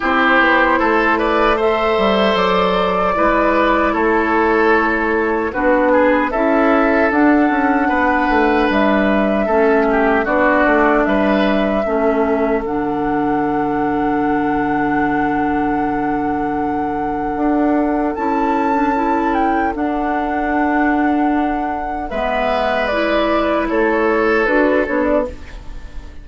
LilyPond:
<<
  \new Staff \with { instrumentName = "flute" } { \time 4/4 \tempo 4 = 76 c''4. d''8 e''4 d''4~ | d''4 cis''2 b'4 | e''4 fis''2 e''4~ | e''4 d''4 e''2 |
fis''1~ | fis''2. a''4~ | a''8 g''8 fis''2. | e''4 d''4 cis''4 b'8 cis''16 d''16 | }
  \new Staff \with { instrumentName = "oboe" } { \time 4/4 g'4 a'8 b'8 c''2 | b'4 a'2 fis'8 gis'8 | a'2 b'2 | a'8 g'8 fis'4 b'4 a'4~ |
a'1~ | a'1~ | a'1 | b'2 a'2 | }
  \new Staff \with { instrumentName = "clarinet" } { \time 4/4 e'2 a'2 | e'2. d'4 | e'4 d'2. | cis'4 d'2 cis'4 |
d'1~ | d'2. e'8. d'16 | e'4 d'2. | b4 e'2 fis'8 d'8 | }
  \new Staff \with { instrumentName = "bassoon" } { \time 4/4 c'8 b8 a4. g8 fis4 | gis4 a2 b4 | cis'4 d'8 cis'8 b8 a8 g4 | a4 b8 a8 g4 a4 |
d1~ | d2 d'4 cis'4~ | cis'4 d'2. | gis2 a4 d'8 b8 | }
>>